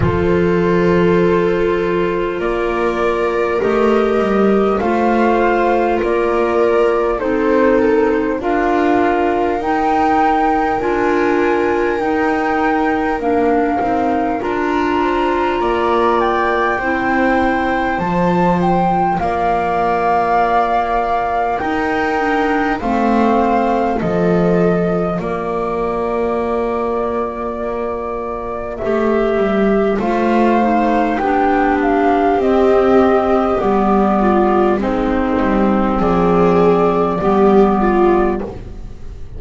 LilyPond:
<<
  \new Staff \with { instrumentName = "flute" } { \time 4/4 \tempo 4 = 50 c''2 d''4 dis''4 | f''4 d''4 c''8 ais'16 c''16 f''4 | g''4 gis''4 g''4 f''4 | ais''4. g''4. a''8 g''8 |
f''2 g''4 f''4 | dis''4 d''2. | e''4 f''4 g''8 f''8 dis''4 | d''4 c''4 d''2 | }
  \new Staff \with { instrumentName = "viola" } { \time 4/4 a'2 ais'2 | c''4 ais'4 a'4 ais'4~ | ais'1~ | ais'8 c''8 d''4 c''2 |
d''2 ais'4 c''4 | a'4 ais'2.~ | ais'4 c''4 g'2~ | g'8 f'8 dis'4 gis'4 g'8 f'8 | }
  \new Staff \with { instrumentName = "clarinet" } { \time 4/4 f'2. g'4 | f'2 dis'4 f'4 | dis'4 f'4 dis'4 d'8 dis'8 | f'2 e'4 f'4~ |
f'2 dis'8 d'8 c'4 | f'1 | g'4 f'8 dis'8 d'4 c'4 | b4 c'2 b4 | }
  \new Staff \with { instrumentName = "double bass" } { \time 4/4 f2 ais4 a8 g8 | a4 ais4 c'4 d'4 | dis'4 d'4 dis'4 ais8 c'8 | d'4 ais4 c'4 f4 |
ais2 dis'4 a4 | f4 ais2. | a8 g8 a4 b4 c'4 | g4 gis8 g8 f4 g4 | }
>>